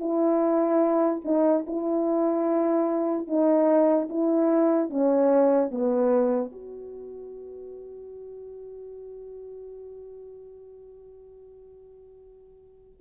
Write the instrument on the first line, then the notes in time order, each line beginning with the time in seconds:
horn
0.00 E4
1.25 D#4
1.67 E4
3.28 D#4
4.09 E4
4.90 C#4
5.71 B3
6.52 F#4